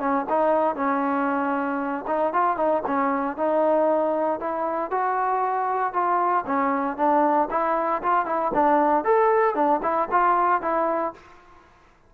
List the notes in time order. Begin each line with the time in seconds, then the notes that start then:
0.00 C#4
0.29 D#4
0.76 C#4
2.08 D#4
2.34 F4
2.57 D#4
2.87 C#4
3.37 D#4
4.40 E4
4.91 F#4
5.93 F4
6.47 C#4
6.97 D4
7.51 E4
8.03 F4
8.26 E4
8.54 D4
9.05 A4
9.55 D4
9.83 E4
10.11 F4
10.62 E4